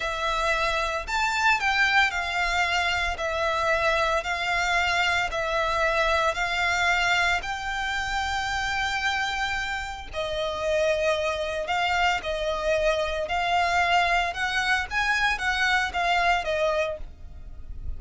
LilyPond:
\new Staff \with { instrumentName = "violin" } { \time 4/4 \tempo 4 = 113 e''2 a''4 g''4 | f''2 e''2 | f''2 e''2 | f''2 g''2~ |
g''2. dis''4~ | dis''2 f''4 dis''4~ | dis''4 f''2 fis''4 | gis''4 fis''4 f''4 dis''4 | }